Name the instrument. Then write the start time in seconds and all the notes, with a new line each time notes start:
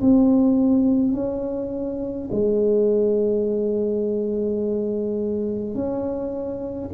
tuba
0.00 C4
1.13 C#4
2.31 G#3
5.74 C#4